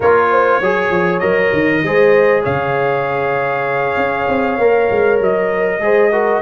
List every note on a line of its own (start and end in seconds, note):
0.00 0.60 A#3
0.00 0.62 F4
0.00 0.29 A#4
0.00 1.19 C#5
0.31 0.60 C5
0.60 0.90 F#3
0.60 1.21 G#4
0.60 1.82 C#5
0.90 1.21 F3
1.19 1.52 F#3
1.19 1.82 A#4
1.19 2.41 D#5
1.52 1.83 D#3
1.83 2.44 G#3
1.83 4.60 G#4
1.83 2.43 C5
2.43 3.96 C#3
2.43 5.79 C#5
2.43 5.20 F5
3.96 4.27 C#4
4.27 4.58 C4
4.58 4.88 A#3
4.58 5.80 A#4
4.90 5.20 G#3
5.20 5.79 F#3
5.20 6.41 D#5
5.79 6.40 G#3
5.79 6.10 G#4
5.79 6.12 C5
6.11 6.41 F#4
6.11 6.41 A#4